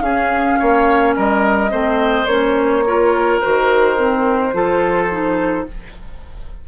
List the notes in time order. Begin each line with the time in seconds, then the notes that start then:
0.00 C#4 G#4 F5
0.58 A#3 C#5
1.15 G3 A#4 D#5
1.70 A3 C4 C5
2.26 A#3 C#4 C#5
2.86 F4 A#4
3.40 D#3 F#4 C5
3.97 C4
4.53 F3 F4 A4
5.10 D#4